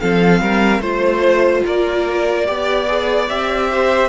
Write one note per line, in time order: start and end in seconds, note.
0.00 0.41 F3
0.00 0.82 C4
0.00 0.42 A4
0.00 0.81 F5
0.41 0.79 G3
0.41 0.82 A#4
0.79 1.62 A3
0.79 2.46 F4
0.79 1.64 C5
1.66 2.48 A#3
1.66 2.47 A#4
1.66 3.29 D5
2.46 3.30 B3
2.46 2.87 G4
2.46 3.71 D5
2.88 3.29 G#4
3.29 4.09 C4
3.29 4.09 G4
3.29 4.09 E5
3.72 4.09 C5